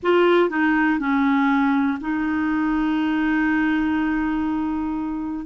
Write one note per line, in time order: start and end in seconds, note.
0.02 0.49 F4
0.49 0.99 D#4
0.99 1.98 C#4
2.01 5.45 D#4